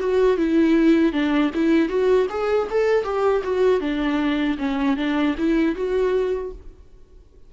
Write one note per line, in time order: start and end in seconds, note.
0.00 0.37 F#4
0.37 1.12 E4
1.12 1.51 D4
1.54 1.88 E4
1.88 2.27 F#4
2.29 2.68 G#4
2.70 3.03 A4
3.03 3.42 G4
3.43 3.80 F#4
3.80 4.57 D4
4.58 4.97 C#4
4.97 5.35 D4
5.37 5.75 E4
5.75 6.52 F#4